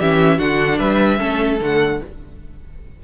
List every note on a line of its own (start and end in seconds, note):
0.00 0.40 E3
0.00 0.38 C#4
0.00 0.38 G4
0.00 0.39 E5
0.38 0.80 D3
0.38 1.18 D4
0.38 0.78 F#4
0.38 0.79 F#5
0.78 1.20 G3
0.78 1.18 B4
0.78 1.59 E5
1.18 1.61 A3
1.18 1.58 C#4
1.18 1.99 A4
1.61 2.01 D3
1.61 2.02 A3
1.61 2.04 F#5